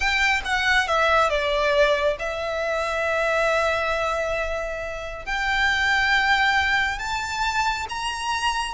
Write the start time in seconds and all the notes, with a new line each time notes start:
0.00 G5
0.44 F#5
0.87 E5
1.29 D5
2.19 E5
5.25 G5
6.98 A5
7.89 A#5